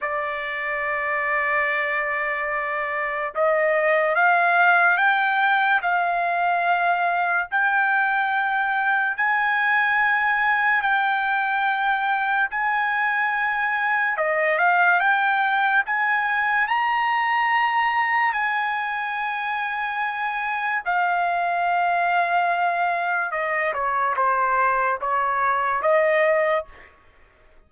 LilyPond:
\new Staff \with { instrumentName = "trumpet" } { \time 4/4 \tempo 4 = 72 d''1 | dis''4 f''4 g''4 f''4~ | f''4 g''2 gis''4~ | gis''4 g''2 gis''4~ |
gis''4 dis''8 f''8 g''4 gis''4 | ais''2 gis''2~ | gis''4 f''2. | dis''8 cis''8 c''4 cis''4 dis''4 | }